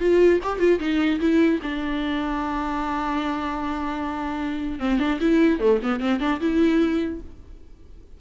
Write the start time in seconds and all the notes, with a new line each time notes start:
0.00 F4
0.43 G4
0.60 F4
0.80 D#4
1.20 E4
1.63 D4
4.80 C4
5.00 D4
5.21 E4
5.60 A3
5.83 B3
6.00 C4
6.21 D4
6.41 E4